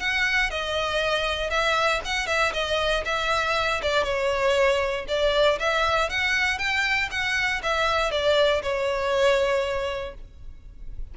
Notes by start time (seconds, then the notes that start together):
0.00 F#5
0.51 D#5
1.50 E5
2.05 F#5
2.27 E5
2.54 D#5
3.06 E5
3.83 D5
4.04 C#5
5.08 D5
5.60 E5
6.10 F#5
6.58 G5
7.11 F#5
7.63 E5
8.11 D5
8.63 C#5